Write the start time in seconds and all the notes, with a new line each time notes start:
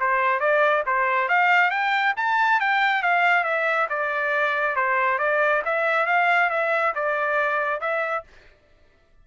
0.00 C5
0.40 D5
0.87 C5
1.29 F5
1.71 G5
2.17 A5
2.61 G5
3.03 F5
3.44 E5
3.90 D5
4.76 C5
5.19 D5
5.65 E5
6.07 F5
6.50 E5
6.95 D5
7.81 E5